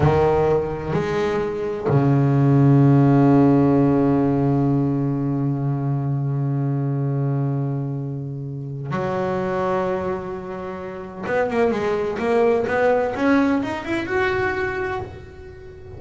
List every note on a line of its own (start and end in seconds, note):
0.00 0.93 D#3
0.93 1.87 G#3
1.88 8.90 C#3
8.90 11.25 F#3
11.26 11.50 B3
11.50 11.71 A#3
11.71 12.18 G#3
12.19 12.65 A#3
12.67 13.14 B3
13.15 13.62 C#4
13.62 13.84 D#4
13.84 14.05 E4
14.05 14.99 F#4